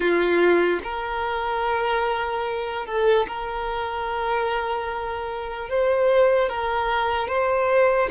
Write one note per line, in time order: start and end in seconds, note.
0.00 0.80 F4
0.83 2.86 A#4
2.86 3.26 A4
3.27 5.69 A#4
5.69 6.49 C5
6.49 7.28 A#4
7.28 8.09 C5